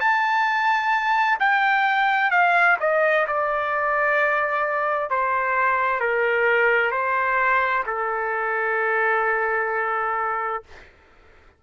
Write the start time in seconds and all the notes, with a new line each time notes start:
0.00 A5
1.40 G5
2.31 F5
2.80 D#5
3.27 D5
5.10 C5
6.00 A#4
6.91 C5
7.86 A4